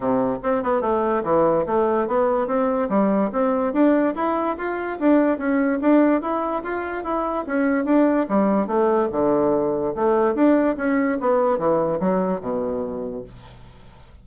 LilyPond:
\new Staff \with { instrumentName = "bassoon" } { \time 4/4 \tempo 4 = 145 c4 c'8 b8 a4 e4 | a4 b4 c'4 g4 | c'4 d'4 e'4 f'4 | d'4 cis'4 d'4 e'4 |
f'4 e'4 cis'4 d'4 | g4 a4 d2 | a4 d'4 cis'4 b4 | e4 fis4 b,2 | }